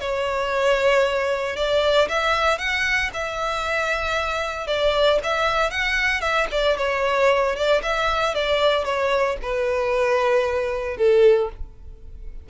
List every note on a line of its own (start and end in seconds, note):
0.00 1.56 C#5
1.56 2.08 D5
2.08 2.58 E5
2.58 3.10 F#5
3.13 4.67 E5
4.67 5.19 D5
5.23 5.70 E5
5.70 6.21 F#5
6.21 6.47 E5
6.51 6.77 D5
6.77 7.55 C#5
7.55 7.81 D5
7.82 8.34 E5
8.34 8.84 D5
8.84 9.37 C#5
9.42 10.97 B4
10.97 11.49 A4